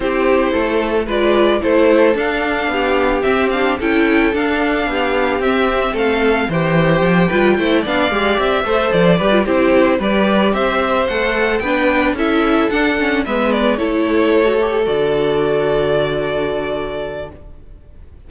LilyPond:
<<
  \new Staff \with { instrumentName = "violin" } { \time 4/4 \tempo 4 = 111 c''2 d''4 c''4 | f''2 e''8 f''8 g''4 | f''2 e''4 f''4 | g''2~ g''8 f''4 e''8~ |
e''8 d''4 c''4 d''4 e''8~ | e''8 fis''4 g''4 e''4 fis''8~ | fis''8 e''8 d''8 cis''2 d''8~ | d''1 | }
  \new Staff \with { instrumentName = "violin" } { \time 4/4 g'4 a'4 b'4 a'4~ | a'4 g'2 a'4~ | a'4 g'2 a'4 | c''4. b'8 c''8 d''4. |
c''4 b'8 g'4 b'4 c''8~ | c''4. b'4 a'4.~ | a'8 b'4 a'2~ a'8~ | a'1 | }
  \new Staff \with { instrumentName = "viola" } { \time 4/4 e'2 f'4 e'4 | d'2 c'8 d'8 e'4 | d'2 c'2 | g'4. f'8 e'8 d'8 g'4 |
a'4 g'16 f'16 e'4 g'4.~ | g'8 a'4 d'4 e'4 d'8 | cis'8 b4 e'4~ e'16 fis'16 g'8 fis'8~ | fis'1 | }
  \new Staff \with { instrumentName = "cello" } { \time 4/4 c'4 a4 gis4 a4 | d'4 b4 c'4 cis'4 | d'4 b4 c'4 a4 | e4 f8 g8 a8 b8 gis8 c'8 |
a8 f8 g8 c'4 g4 c'8~ | c'8 a4 b4 cis'4 d'8~ | d'8 gis4 a2 d8~ | d1 | }
>>